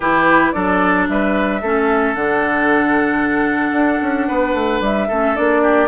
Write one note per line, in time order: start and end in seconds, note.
0.00 0.51 E3
0.00 0.54 E4
0.00 0.52 G4
0.00 0.52 B4
0.52 1.08 F#3
0.52 1.61 D4
0.52 1.07 A4
0.52 1.05 D5
1.08 1.61 G3
1.08 1.61 B4
1.08 2.15 E5
1.61 2.14 A3
1.61 2.16 C#4
1.61 4.27 A4
2.14 3.72 D3
2.14 5.10 D4
2.14 4.82 F#5
3.72 3.99 D4
4.01 4.28 C#4
4.27 4.53 B3
4.27 5.07 B4
4.53 4.80 A3
4.80 5.07 G3
4.80 5.36 E5
5.08 5.37 A3
5.08 5.35 C#4
5.08 5.61 A4
5.35 5.88 A#3
5.35 5.88 D4
5.35 5.88 D5
5.62 5.88 G4